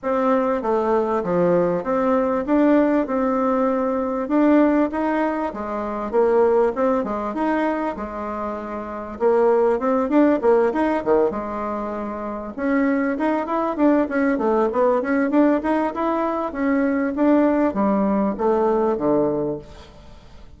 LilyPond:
\new Staff \with { instrumentName = "bassoon" } { \time 4/4 \tempo 4 = 98 c'4 a4 f4 c'4 | d'4 c'2 d'4 | dis'4 gis4 ais4 c'8 gis8 | dis'4 gis2 ais4 |
c'8 d'8 ais8 dis'8 dis8 gis4.~ | gis8 cis'4 dis'8 e'8 d'8 cis'8 a8 | b8 cis'8 d'8 dis'8 e'4 cis'4 | d'4 g4 a4 d4 | }